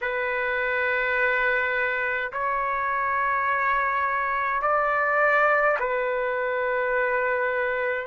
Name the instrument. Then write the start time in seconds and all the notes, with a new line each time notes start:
trumpet
0.01 B4
2.32 C#5
4.62 D5
5.79 B4